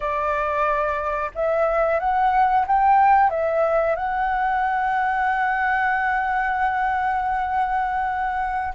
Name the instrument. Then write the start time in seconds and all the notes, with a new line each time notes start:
flute
0.00 D5
1.34 E5
1.99 F#5
2.66 G5
3.30 E5
3.95 F#5